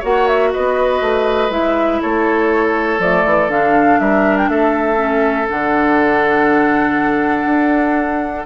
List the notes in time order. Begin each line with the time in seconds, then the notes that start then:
0.00 A#3 F#4 C#5 F#5
0.28 E5
0.53 B3 B4 D#5
1.01 A3
1.50 G#3 E4 E5
2.02 A3 A4 C#5
2.99 F3 A3 D5
3.25 E3
3.49 D3 D4 F5
4.00 G3 A#4 E5
4.38 G5
4.49 A3 A4 E5
4.96 C#4
5.49 D3 D4 F#5
7.46 D4